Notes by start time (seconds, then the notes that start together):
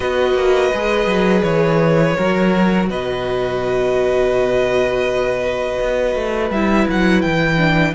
0.00 B3 F#4 B4 D#5
0.33 A#3
0.73 G#3 G#4
1.06 F#3
1.42 E3 C#5
2.17 F#3 F#4 A#4
2.89 B2 B4 D#5
5.80 B3
6.15 A3
6.50 G3 E4 E5
6.88 F#3 F#5
7.21 E3 G5
7.57 D4